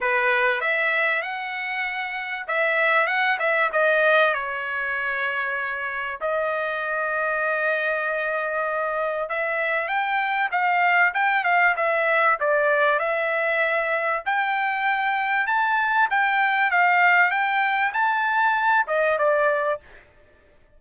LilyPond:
\new Staff \with { instrumentName = "trumpet" } { \time 4/4 \tempo 4 = 97 b'4 e''4 fis''2 | e''4 fis''8 e''8 dis''4 cis''4~ | cis''2 dis''2~ | dis''2. e''4 |
g''4 f''4 g''8 f''8 e''4 | d''4 e''2 g''4~ | g''4 a''4 g''4 f''4 | g''4 a''4. dis''8 d''4 | }